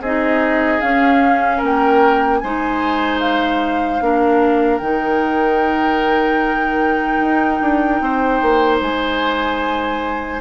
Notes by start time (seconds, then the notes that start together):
0.00 C4 D#4 G#4 D#5
0.81 C#4 F5
1.58 A#3 A#4
1.65 G5
2.39 G#3 D#4 C5 G#5
3.20 F5
4.00 A#3 D4 A#4
4.78 D#3 D#4 G5
7.20 D#4
7.60 D4
8.00 C4 C5
8.42 A#3
8.81 G#3 G#5